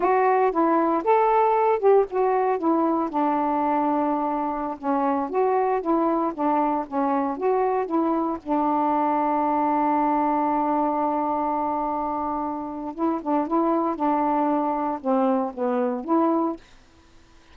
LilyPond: \new Staff \with { instrumentName = "saxophone" } { \time 4/4 \tempo 4 = 116 fis'4 e'4 a'4. g'8 | fis'4 e'4 d'2~ | d'4~ d'16 cis'4 fis'4 e'8.~ | e'16 d'4 cis'4 fis'4 e'8.~ |
e'16 d'2.~ d'8.~ | d'1~ | d'4 e'8 d'8 e'4 d'4~ | d'4 c'4 b4 e'4 | }